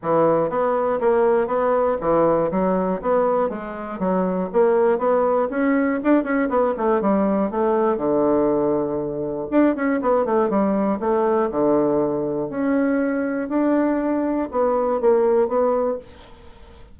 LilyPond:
\new Staff \with { instrumentName = "bassoon" } { \time 4/4 \tempo 4 = 120 e4 b4 ais4 b4 | e4 fis4 b4 gis4 | fis4 ais4 b4 cis'4 | d'8 cis'8 b8 a8 g4 a4 |
d2. d'8 cis'8 | b8 a8 g4 a4 d4~ | d4 cis'2 d'4~ | d'4 b4 ais4 b4 | }